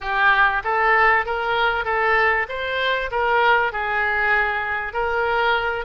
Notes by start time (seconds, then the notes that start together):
0.01 G4
0.64 A4
1.25 A#4
1.84 A4
2.48 C5
3.11 A#4
3.72 G#4
4.93 A#4